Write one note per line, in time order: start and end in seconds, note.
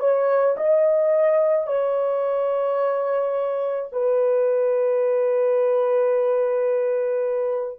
0.00 0.56 C#5
0.58 1.68 D#5
1.68 3.90 C#5
3.92 7.80 B4